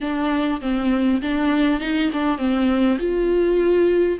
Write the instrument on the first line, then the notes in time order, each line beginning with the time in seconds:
viola
0.00 D4
0.61 C4
1.21 D4
1.80 D#4
2.12 D4
2.38 C4
2.98 F4